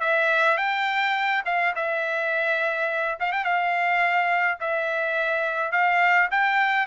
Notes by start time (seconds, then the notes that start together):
0.00 E5
0.57 G5
1.45 F5
1.75 E5
3.20 F5
3.32 G5
3.44 F5
4.60 E5
5.72 F5
6.31 G5